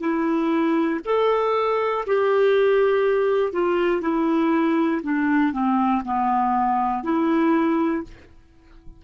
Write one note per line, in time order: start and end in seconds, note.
0.00 1.00 E4
1.05 2.05 A4
2.06 3.52 G4
3.52 4.01 F4
4.01 5.01 E4
5.03 5.52 D4
5.52 6.02 C4
6.04 7.03 B3
7.03 8.03 E4